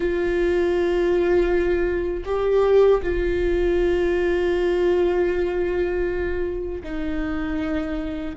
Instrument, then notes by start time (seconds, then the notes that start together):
viola
0.00 F4
2.25 G4
3.02 F4
6.84 D#4